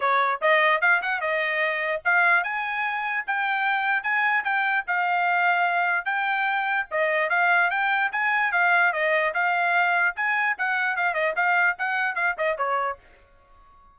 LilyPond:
\new Staff \with { instrumentName = "trumpet" } { \time 4/4 \tempo 4 = 148 cis''4 dis''4 f''8 fis''8 dis''4~ | dis''4 f''4 gis''2 | g''2 gis''4 g''4 | f''2. g''4~ |
g''4 dis''4 f''4 g''4 | gis''4 f''4 dis''4 f''4~ | f''4 gis''4 fis''4 f''8 dis''8 | f''4 fis''4 f''8 dis''8 cis''4 | }